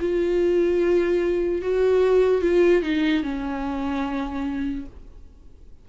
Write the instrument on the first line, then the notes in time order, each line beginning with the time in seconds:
viola
0.00 F4
1.62 F#4
2.42 F4
2.83 D#4
3.23 C#4